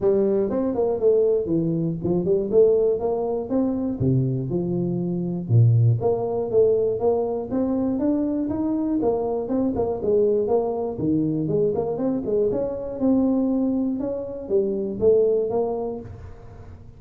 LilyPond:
\new Staff \with { instrumentName = "tuba" } { \time 4/4 \tempo 4 = 120 g4 c'8 ais8 a4 e4 | f8 g8 a4 ais4 c'4 | c4 f2 ais,4 | ais4 a4 ais4 c'4 |
d'4 dis'4 ais4 c'8 ais8 | gis4 ais4 dis4 gis8 ais8 | c'8 gis8 cis'4 c'2 | cis'4 g4 a4 ais4 | }